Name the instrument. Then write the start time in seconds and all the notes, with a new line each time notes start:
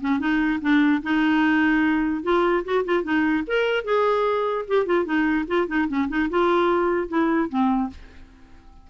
clarinet
0.00 C#4
0.19 D#4
0.61 D4
1.02 D#4
2.23 F4
2.64 F#4
2.85 F4
3.03 D#4
3.46 A#4
3.84 G#4
4.67 G4
4.85 F4
5.05 D#4
5.47 F4
5.67 D#4
5.88 C#4
6.08 D#4
6.29 F4
7.08 E4
7.49 C4